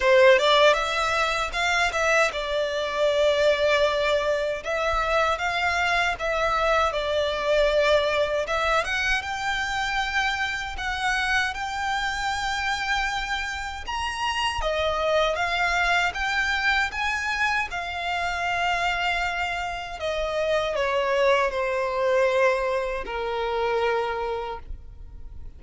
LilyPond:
\new Staff \with { instrumentName = "violin" } { \time 4/4 \tempo 4 = 78 c''8 d''8 e''4 f''8 e''8 d''4~ | d''2 e''4 f''4 | e''4 d''2 e''8 fis''8 | g''2 fis''4 g''4~ |
g''2 ais''4 dis''4 | f''4 g''4 gis''4 f''4~ | f''2 dis''4 cis''4 | c''2 ais'2 | }